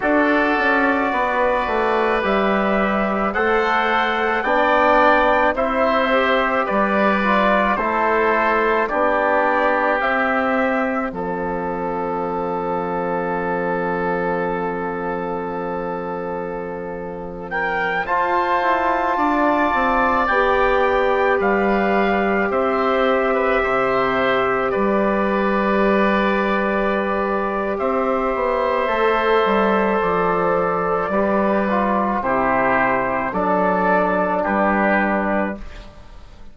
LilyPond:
<<
  \new Staff \with { instrumentName = "trumpet" } { \time 4/4 \tempo 4 = 54 d''2 e''4 fis''4 | g''4 e''4 d''4 c''4 | d''4 e''4 f''2~ | f''2.~ f''8. g''16~ |
g''16 a''2 g''4 f''8.~ | f''16 e''2 d''4.~ d''16~ | d''4 e''2 d''4~ | d''4 c''4 d''4 b'4 | }
  \new Staff \with { instrumentName = "oboe" } { \time 4/4 a'4 b'2 c''4 | d''4 c''4 b'4 a'4 | g'2 a'2~ | a'2.~ a'8. ais'16~ |
ais'16 c''4 d''2 b'8.~ | b'16 c''8. b'16 c''4 b'4.~ b'16~ | b'4 c''2. | b'4 g'4 a'4 g'4 | }
  \new Staff \with { instrumentName = "trombone" } { \time 4/4 fis'2 g'4 a'4 | d'4 e'8 g'4 f'8 e'4 | d'4 c'2.~ | c'1~ |
c'16 f'2 g'4.~ g'16~ | g'1~ | g'2 a'2 | g'8 f'8 e'4 d'2 | }
  \new Staff \with { instrumentName = "bassoon" } { \time 4/4 d'8 cis'8 b8 a8 g4 a4 | b4 c'4 g4 a4 | b4 c'4 f2~ | f1~ |
f16 f'8 e'8 d'8 c'8 b4 g8.~ | g16 c'4 c4 g4.~ g16~ | g4 c'8 b8 a8 g8 f4 | g4 c4 fis4 g4 | }
>>